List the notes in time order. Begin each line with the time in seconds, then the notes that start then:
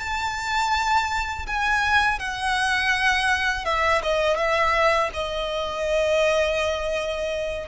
0.00 A5
1.47 G#5
2.19 F#5
3.66 E5
4.03 D#5
4.37 E5
5.14 D#5